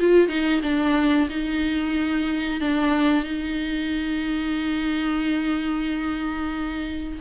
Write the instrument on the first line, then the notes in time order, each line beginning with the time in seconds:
viola
0.00 F4
0.28 D#4
0.63 D4
1.30 D#4
2.61 D4
3.24 D#4